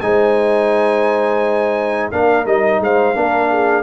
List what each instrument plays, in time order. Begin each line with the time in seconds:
0.00 tuba G#3, trombone D#4, horn C5, trumpet G#5
2.11 tuba A#3, trombone D4, horn A#4, trumpet F5
2.45 tuba G3, trombone D#4, trumpet D#5
2.80 tuba G#3, horn C5, trumpet F5
3.14 tuba A#3, trombone D4, horn A#4
3.50 horn G#4